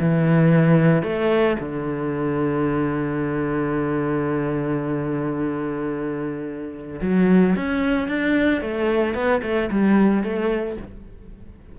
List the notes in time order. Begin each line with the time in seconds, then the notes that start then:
0.00 E3
1.03 A3
1.60 D3
7.01 F#3
7.56 C#4
8.08 D4
8.61 A3
9.14 B3
9.43 A3
9.71 G3
10.24 A3